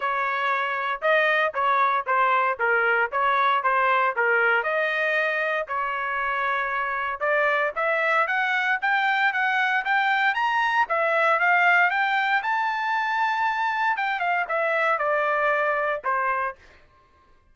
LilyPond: \new Staff \with { instrumentName = "trumpet" } { \time 4/4 \tempo 4 = 116 cis''2 dis''4 cis''4 | c''4 ais'4 cis''4 c''4 | ais'4 dis''2 cis''4~ | cis''2 d''4 e''4 |
fis''4 g''4 fis''4 g''4 | ais''4 e''4 f''4 g''4 | a''2. g''8 f''8 | e''4 d''2 c''4 | }